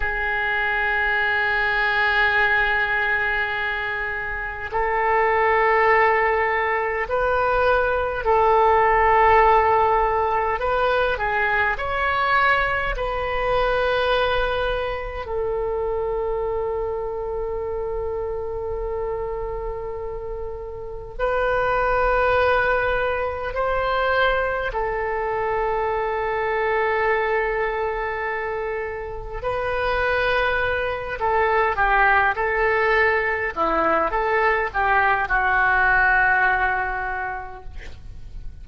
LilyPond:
\new Staff \with { instrumentName = "oboe" } { \time 4/4 \tempo 4 = 51 gis'1 | a'2 b'4 a'4~ | a'4 b'8 gis'8 cis''4 b'4~ | b'4 a'2.~ |
a'2 b'2 | c''4 a'2.~ | a'4 b'4. a'8 g'8 a'8~ | a'8 e'8 a'8 g'8 fis'2 | }